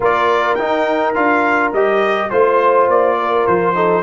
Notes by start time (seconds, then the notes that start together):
0.00 A#3 F4 A#4 D5
0.55 D#4 G5
1.14 D4 F4 F5
1.72 G3 G4 D#5
2.29 A3 F4 C5
2.88 A#3 D5
3.19 A#4
3.46 F3 C5
3.74 D#4 A4